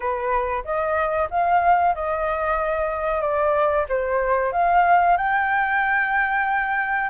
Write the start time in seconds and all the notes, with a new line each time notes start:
0.00 B4
0.64 D#5
1.30 F5
1.94 D#5
3.21 D5
3.89 C5
4.52 F5
5.17 G5